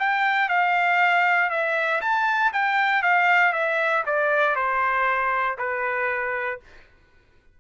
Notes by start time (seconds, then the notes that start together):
0.00 G5
0.49 F5
1.50 E5
2.02 A5
2.53 G5
3.03 F5
3.53 E5
4.07 D5
4.56 C5
5.58 B4